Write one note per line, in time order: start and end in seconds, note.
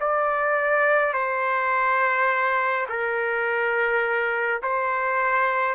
0.00 1.14 D5
1.14 2.87 C5
2.89 4.62 A#4
4.63 5.75 C5